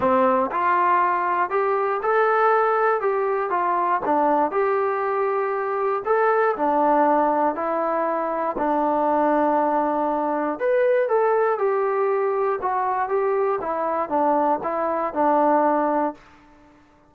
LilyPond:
\new Staff \with { instrumentName = "trombone" } { \time 4/4 \tempo 4 = 119 c'4 f'2 g'4 | a'2 g'4 f'4 | d'4 g'2. | a'4 d'2 e'4~ |
e'4 d'2.~ | d'4 b'4 a'4 g'4~ | g'4 fis'4 g'4 e'4 | d'4 e'4 d'2 | }